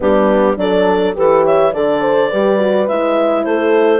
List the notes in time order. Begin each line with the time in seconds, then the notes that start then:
0.00 G3 B3 D4 G4
0.56 F#3 D4 A4 D5
1.14 E3 G4 A4 B4
1.44 C#5 E5
1.73 D3 A4 D5
2.01 C5
2.29 G3 G4 B4
2.59 F#4
2.87 G#3 E4 E5
3.44 A3 A4 C5